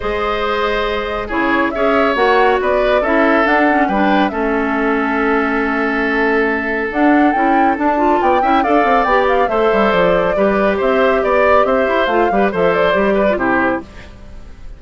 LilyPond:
<<
  \new Staff \with { instrumentName = "flute" } { \time 4/4 \tempo 4 = 139 dis''2. cis''4 | e''4 fis''4 d''4 e''4 | fis''4 g''4 e''2~ | e''1 |
fis''4 g''4 a''4 g''4 | f''4 g''8 f''8 e''4 d''4~ | d''4 e''4 d''4 e''4 | f''4 e''8 d''4. c''4 | }
  \new Staff \with { instrumentName = "oboe" } { \time 4/4 c''2. gis'4 | cis''2 b'4 a'4~ | a'4 b'4 a'2~ | a'1~ |
a'2. d''8 e''8 | d''2 c''2 | b'4 c''4 d''4 c''4~ | c''8 b'8 c''4. b'8 g'4 | }
  \new Staff \with { instrumentName = "clarinet" } { \time 4/4 gis'2. e'4 | gis'4 fis'2 e'4 | d'8 cis'8 d'4 cis'2~ | cis'1 |
d'4 e'4 d'8 f'4 e'8 | a'4 g'4 a'2 | g'1 | f'8 g'8 a'4 g'8. f'16 e'4 | }
  \new Staff \with { instrumentName = "bassoon" } { \time 4/4 gis2. cis4 | cis'4 ais4 b4 cis'4 | d'4 g4 a2~ | a1 |
d'4 cis'4 d'4 b8 cis'8 | d'8 c'8 b4 a8 g8 f4 | g4 c'4 b4 c'8 e'8 | a8 g8 f4 g4 c4 | }
>>